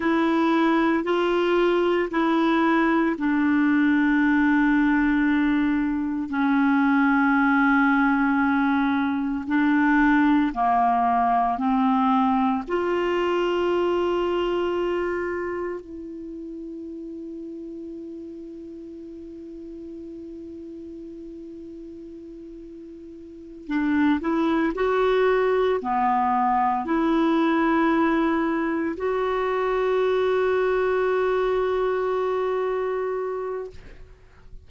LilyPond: \new Staff \with { instrumentName = "clarinet" } { \time 4/4 \tempo 4 = 57 e'4 f'4 e'4 d'4~ | d'2 cis'2~ | cis'4 d'4 ais4 c'4 | f'2. e'4~ |
e'1~ | e'2~ e'8 d'8 e'8 fis'8~ | fis'8 b4 e'2 fis'8~ | fis'1 | }